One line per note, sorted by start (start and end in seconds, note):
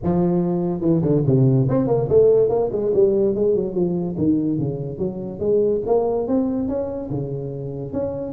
0.03 0.80 F3
0.80 1.01 E3
1.02 1.22 D3
1.26 1.68 C3
1.69 1.87 C4
1.87 2.08 A#3
2.08 2.49 A3
2.49 2.70 A#3
2.72 2.92 G#3
2.94 3.34 G3
3.34 3.55 G#3
3.55 3.74 F#3
3.74 4.15 F3
4.17 4.59 D#3
4.59 4.98 C#3
4.98 5.39 F#3
5.39 5.81 G#3
5.86 6.27 A#3
6.27 6.68 C4
6.68 7.09 C#4
7.10 7.92 C#3
7.92 8.32 C#4